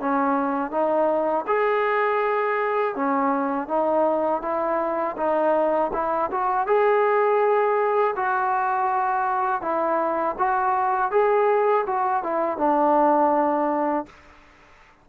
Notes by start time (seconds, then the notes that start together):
0.00 C#4
0.72 D#4
1.48 G#4
2.95 C#4
3.68 D#4
4.42 E4
5.17 D#4
5.94 E4
6.32 F#4
6.67 G#4
8.16 F#4
9.62 E4
10.39 F#4
11.11 G#4
11.87 F#4
12.24 E4
12.58 D4